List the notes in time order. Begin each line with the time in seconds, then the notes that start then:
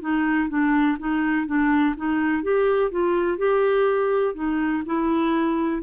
0.00 D#4
0.49 D4
0.99 D#4
1.46 D4
1.96 D#4
2.43 G4
2.91 F4
3.37 G4
4.34 D#4
4.85 E4